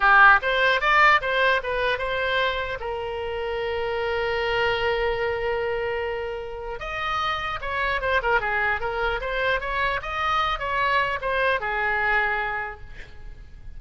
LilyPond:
\new Staff \with { instrumentName = "oboe" } { \time 4/4 \tempo 4 = 150 g'4 c''4 d''4 c''4 | b'4 c''2 ais'4~ | ais'1~ | ais'1~ |
ais'4 dis''2 cis''4 | c''8 ais'8 gis'4 ais'4 c''4 | cis''4 dis''4. cis''4. | c''4 gis'2. | }